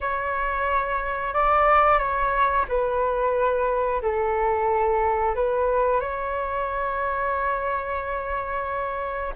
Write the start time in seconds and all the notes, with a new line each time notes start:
0.00 C#5
1.33 D5
1.98 C#5
2.68 B4
4.02 A4
5.35 B4
6.00 C#5